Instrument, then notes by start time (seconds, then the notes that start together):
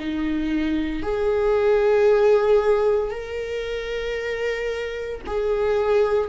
viola
0.00 D#4
1.03 G#4
3.11 A#4
5.27 G#4